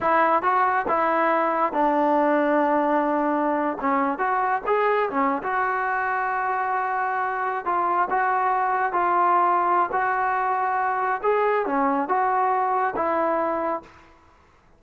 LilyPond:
\new Staff \with { instrumentName = "trombone" } { \time 4/4 \tempo 4 = 139 e'4 fis'4 e'2 | d'1~ | d'8. cis'4 fis'4 gis'4 cis'16~ | cis'8 fis'2.~ fis'8~ |
fis'4.~ fis'16 f'4 fis'4~ fis'16~ | fis'8. f'2~ f'16 fis'4~ | fis'2 gis'4 cis'4 | fis'2 e'2 | }